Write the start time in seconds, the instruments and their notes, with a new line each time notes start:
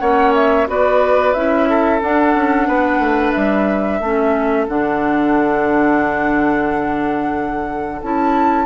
0.00 bassoon A#3, clarinet C#4, oboe C#5, flute F#5
0.35 flute E5
0.68 bassoon B3, clarinet F#4, oboe B4, flute D5
1.34 bassoon C#4, clarinet E4, flute E5
1.70 oboe A4
2.01 clarinet D4, bassoon D4, flute F#5
2.35 bassoon C#4
2.68 bassoon B3, oboe B4
2.99 bassoon A3
3.33 bassoon G3, flute E5
4.00 bassoon A3, clarinet C#4, oboe A4
4.69 bassoon D3, clarinet D4, flute F#5
8.02 bassoon C#4, clarinet E4, flute A5